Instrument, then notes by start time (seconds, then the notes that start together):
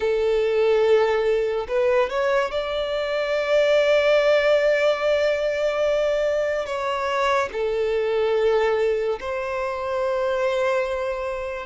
violin
0.00 A4
1.67 B4
2.09 C#5
2.51 D5
6.66 C#5
7.52 A4
9.19 C5